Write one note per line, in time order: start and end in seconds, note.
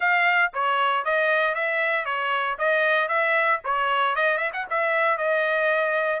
0.00 0.52 F5
0.53 1.04 C#5
1.04 1.54 D#5
1.54 2.05 E5
2.05 2.57 C#5
2.58 3.08 D#5
3.08 3.59 E5
3.64 4.15 C#5
4.15 4.37 D#5
4.37 4.50 E5
4.53 4.66 F#5
4.70 5.17 E5
5.17 6.20 D#5